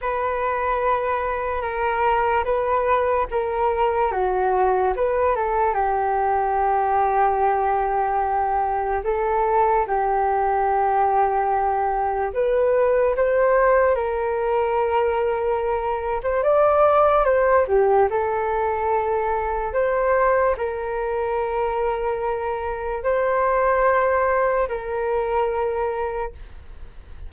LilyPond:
\new Staff \with { instrumentName = "flute" } { \time 4/4 \tempo 4 = 73 b'2 ais'4 b'4 | ais'4 fis'4 b'8 a'8 g'4~ | g'2. a'4 | g'2. b'4 |
c''4 ais'2~ ais'8. c''16 | d''4 c''8 g'8 a'2 | c''4 ais'2. | c''2 ais'2 | }